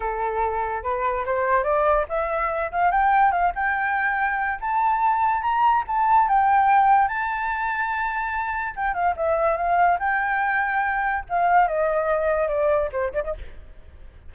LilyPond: \new Staff \with { instrumentName = "flute" } { \time 4/4 \tempo 4 = 144 a'2 b'4 c''4 | d''4 e''4. f''8 g''4 | f''8 g''2~ g''8 a''4~ | a''4 ais''4 a''4 g''4~ |
g''4 a''2.~ | a''4 g''8 f''8 e''4 f''4 | g''2. f''4 | dis''2 d''4 c''8 d''16 dis''16 | }